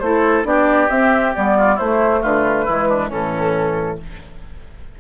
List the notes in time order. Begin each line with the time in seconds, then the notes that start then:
0.00 A3 E4 A4 C5
0.44 B3 D4 G4 D5
0.90 C4 E5
1.35 G3 B3 D5
1.58 F4
1.75 A3 E4 C5
1.82 A3
2.22 D3 F4 B4
2.65 E3 G#3 E4
2.89 D4
3.09 A2 E3 C#4 A4